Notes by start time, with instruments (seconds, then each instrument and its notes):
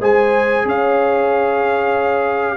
0.00 tuba G#3, trombone G#4, horn C5, trumpet G#5
0.65 tuba C#4, horn C#5, trumpet F5